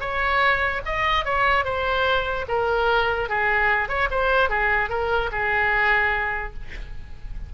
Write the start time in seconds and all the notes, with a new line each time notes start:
0.00 C#5
0.85 D#5
1.25 C#5
1.64 C5
2.48 A#4
3.29 G#4
3.88 C#5
4.10 C5
4.49 G#4
4.89 A#4
5.32 G#4